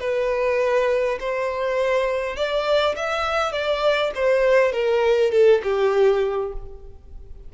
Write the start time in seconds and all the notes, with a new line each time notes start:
0.00 B4
1.20 C5
2.36 D5
2.96 E5
3.52 D5
4.15 C5
4.72 A#4
5.32 A4
5.64 G4